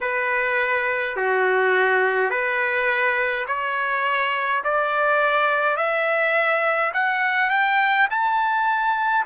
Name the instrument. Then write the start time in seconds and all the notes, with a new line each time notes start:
trumpet
0.01 B4
1.16 F#4
2.30 B4
3.47 C#5
4.64 D5
5.76 E5
6.93 F#5
7.50 G5
8.10 A5